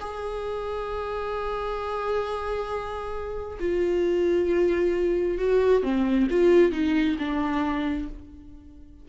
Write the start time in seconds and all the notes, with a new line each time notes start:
0.00 G#4
3.59 F4
5.38 F#4
5.82 C4
6.30 F4
6.72 D#4
7.18 D4